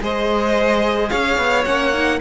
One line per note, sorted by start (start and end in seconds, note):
0.00 1.10 G#3
0.00 1.64 G#4
0.00 1.09 C5
0.00 1.09 D#5
1.09 1.37 C#4
1.09 2.18 C#5
1.09 1.64 F5
1.37 1.65 B3
1.65 2.20 A#3
1.65 1.92 C#4
1.65 2.19 F#5
1.93 2.20 D#4